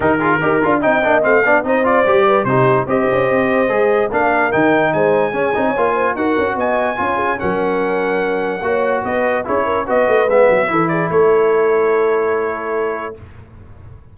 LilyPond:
<<
  \new Staff \with { instrumentName = "trumpet" } { \time 4/4 \tempo 4 = 146 ais'2 g''4 f''4 | dis''8 d''4. c''4 dis''4~ | dis''2 f''4 g''4 | gis''2. fis''4 |
gis''2 fis''2~ | fis''2 dis''4 cis''4 | dis''4 e''4. d''8 cis''4~ | cis''1 | }
  \new Staff \with { instrumentName = "horn" } { \time 4/4 g'8 gis'8 ais'4 dis''4. d''8 | c''4. b'8 g'4 c''4~ | c''2 ais'2 | c''4 gis'8. cis''8. c''8 ais'4 |
dis''4 cis''8 gis'8 ais'2~ | ais'4 cis''4 b'4 gis'8 ais'8 | b'2 a'8 gis'8 a'4~ | a'1 | }
  \new Staff \with { instrumentName = "trombone" } { \time 4/4 dis'8 f'8 g'8 f'8 dis'8 d'8 c'8 d'8 | dis'8 f'8 g'4 dis'4 g'4~ | g'4 gis'4 d'4 dis'4~ | dis'4 cis'8 dis'8 f'4 fis'4~ |
fis'4 f'4 cis'2~ | cis'4 fis'2 e'4 | fis'4 b4 e'2~ | e'1 | }
  \new Staff \with { instrumentName = "tuba" } { \time 4/4 dis4 dis'8 d'8 c'8 ais8 a8 b8 | c'4 g4 c4 c'8 cis'8 | c'4 gis4 ais4 dis4 | gis4 cis'8 c'8 ais4 dis'8 cis'8 |
b4 cis'4 fis2~ | fis4 ais4 b4 cis'4 | b8 a8 gis8 fis8 e4 a4~ | a1 | }
>>